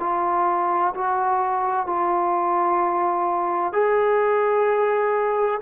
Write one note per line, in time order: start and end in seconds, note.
0.00 0.94 F4
0.95 1.87 F#4
1.87 3.73 F4
3.73 5.60 G#4